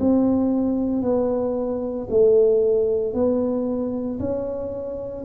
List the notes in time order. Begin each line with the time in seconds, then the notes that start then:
0.00 C4
1.02 B3
2.10 A3
3.14 B3
4.20 C#4